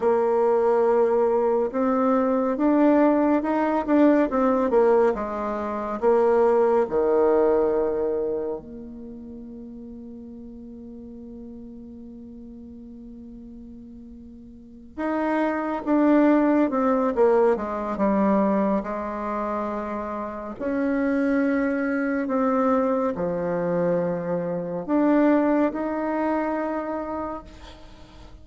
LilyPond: \new Staff \with { instrumentName = "bassoon" } { \time 4/4 \tempo 4 = 70 ais2 c'4 d'4 | dis'8 d'8 c'8 ais8 gis4 ais4 | dis2 ais2~ | ais1~ |
ais4. dis'4 d'4 c'8 | ais8 gis8 g4 gis2 | cis'2 c'4 f4~ | f4 d'4 dis'2 | }